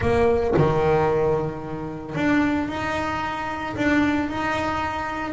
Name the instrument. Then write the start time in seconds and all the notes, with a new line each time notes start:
double bass
0.00 A#3
0.56 D#3
2.15 D4
2.68 D#4
3.76 D4
4.29 D#4